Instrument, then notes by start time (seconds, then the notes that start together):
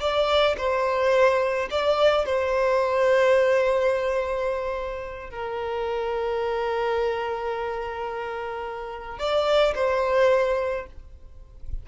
violin
0.00 D5
0.57 C5
1.70 D5
2.25 C5
5.30 A#4
9.18 D5
9.75 C5